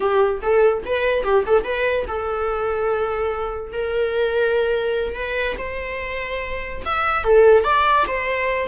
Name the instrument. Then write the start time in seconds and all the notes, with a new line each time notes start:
viola
0.00 G4
0.42 A4
0.85 B4
1.23 G4
1.46 A4
1.64 B4
2.07 A4
3.72 A#4
5.15 B4
5.58 C5
6.85 E5
7.23 A4
7.64 D5
8.07 C5